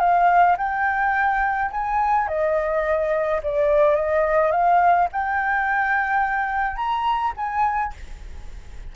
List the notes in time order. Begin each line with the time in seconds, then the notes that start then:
0.00 F5
0.58 G5
1.71 G#5
2.28 D#5
3.43 D5
3.95 D#5
4.52 F5
5.12 G5
6.76 A#5
7.37 G#5